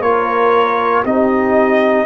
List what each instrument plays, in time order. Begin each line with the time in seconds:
0.00 tuba A#3, trombone F4, horn A#4, trumpet C#5
1.05 tuba C4, trombone D#4, horn G4, trumpet D#5